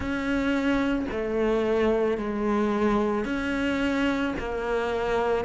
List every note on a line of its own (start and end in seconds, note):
0.00 1.06 C#4
1.11 2.17 A3
2.17 3.24 G#3
3.24 4.33 C#4
4.38 5.44 A#3